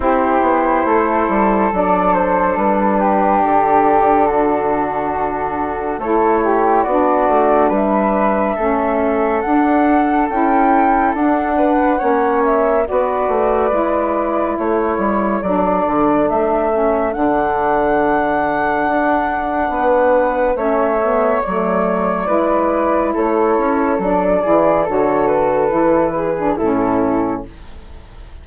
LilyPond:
<<
  \new Staff \with { instrumentName = "flute" } { \time 4/4 \tempo 4 = 70 c''2 d''8 c''8 b'4 | a'2. cis''4 | d''4 e''2 fis''4 | g''4 fis''4. e''8 d''4~ |
d''4 cis''4 d''4 e''4 | fis''1 | e''4 d''2 cis''4 | d''4 cis''8 b'4. a'4 | }
  \new Staff \with { instrumentName = "flute" } { \time 4/4 g'4 a'2~ a'8 g'8~ | g'4 fis'2 a'8 g'8 | fis'4 b'4 a'2~ | a'4. b'8 cis''4 b'4~ |
b'4 a'2.~ | a'2. b'4 | cis''2 b'4 a'4~ | a'8 gis'8 a'4. gis'8 e'4 | }
  \new Staff \with { instrumentName = "saxophone" } { \time 4/4 e'2 d'2~ | d'2. e'4 | d'2 cis'4 d'4 | e'4 d'4 cis'4 fis'4 |
e'2 d'4. cis'8 | d'1 | cis'8 b8 a4 e'2 | d'8 e'8 fis'4 e'8. d'16 cis'4 | }
  \new Staff \with { instrumentName = "bassoon" } { \time 4/4 c'8 b8 a8 g8 fis4 g4 | d2. a4 | b8 a8 g4 a4 d'4 | cis'4 d'4 ais4 b8 a8 |
gis4 a8 g8 fis8 d8 a4 | d2 d'4 b4 | a4 fis4 gis4 a8 cis'8 | fis8 e8 d4 e4 a,4 | }
>>